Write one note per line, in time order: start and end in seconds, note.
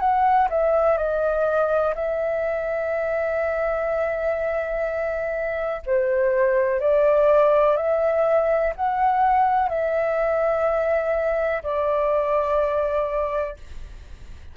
0.00 0.48 F#5
0.50 0.98 E5
0.98 1.94 D#5
1.95 5.82 E5
5.86 6.81 C5
6.81 7.77 D5
7.77 8.74 E5
8.76 9.70 F#5
9.70 11.63 E5
11.63 13.57 D5